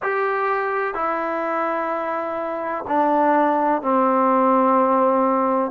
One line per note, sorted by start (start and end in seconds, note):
0.02 0.94 G4
0.94 2.84 E4
2.87 3.81 D4
3.81 5.71 C4